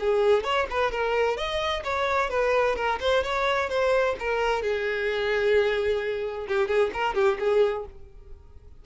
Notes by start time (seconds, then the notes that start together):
0.00 G#4
0.44 C#5
0.71 B4
0.92 A#4
1.37 D#5
1.84 C#5
2.30 B4
2.76 A#4
3.01 C5
3.24 C#5
3.70 C5
4.20 A#4
4.63 G#4
6.48 G4
6.68 G#4
6.94 A#4
7.15 G4
7.40 G#4